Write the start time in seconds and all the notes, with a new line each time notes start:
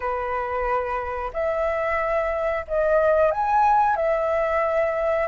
0.00 B4
1.33 E5
2.67 D#5
3.31 G#5
3.96 E5